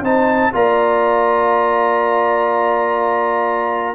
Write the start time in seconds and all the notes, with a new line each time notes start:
0.00 C4 D#4 C5 A5
0.52 A#3 F4 D5 A#5